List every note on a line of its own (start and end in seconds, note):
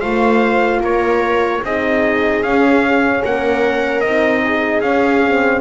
0.00 0.80 A3
0.00 1.62 F4
0.00 0.80 C5
0.00 0.80 F5
0.80 1.60 A#3
0.80 1.62 A#4
0.80 1.64 C#5
1.63 2.43 C4
1.63 2.46 D#4
1.63 3.22 G#4
1.63 2.43 D#5
2.43 3.23 C#4
2.43 4.05 C#4
2.43 3.23 F5
3.22 4.04 A#3
3.22 4.42 A#4
3.22 4.01 F#5
4.01 4.81 C4
4.01 4.83 D#4
4.01 4.81 D#5
4.44 5.61 G#4
4.81 5.61 C#4
4.81 5.23 C#4
4.81 5.61 F5
5.24 5.61 C4